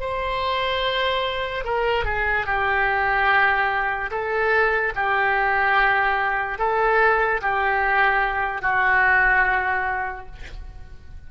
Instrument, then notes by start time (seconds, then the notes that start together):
oboe
0.00 C5
1.64 A#4
2.05 G#4
2.46 G4
4.11 A4
4.95 G4
6.59 A4
7.42 G4
8.62 F#4